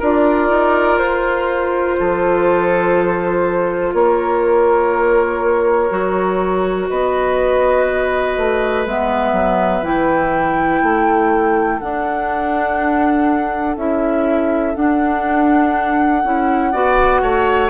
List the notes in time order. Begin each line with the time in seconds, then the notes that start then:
0.00 D4 F4 A#4 D5
0.49 D#4
0.98 F4 C5
1.99 F3 A4
3.94 A#3 A#4 C#5
5.91 F#3 F#4
6.90 B3 B4 D#5
8.38 A3
8.86 G#3 B3 E5
9.33 F#3
9.84 E3 E4 G5
10.83 A3 A4
11.80 D4 F#5
13.77 C#4 E4 E5
14.75 D4 F#5
16.24 C#4 E4
16.72 B3 F#4 D5
17.22 A3 C#5